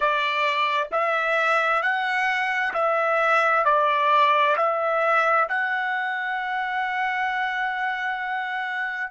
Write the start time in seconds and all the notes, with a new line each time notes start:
0.00 D5
0.91 E5
1.82 F#5
2.73 E5
3.64 D5
4.56 E5
5.48 F#5